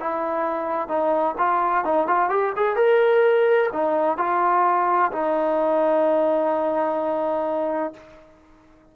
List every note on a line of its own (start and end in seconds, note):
0.00 0.88 E4
0.88 1.35 D#4
1.38 1.85 F4
1.85 2.08 D#4
2.08 2.30 F4
2.30 2.53 G4
2.57 2.76 G#4
2.76 3.70 A#4
3.73 4.18 D#4
4.18 5.12 F4
5.12 7.93 D#4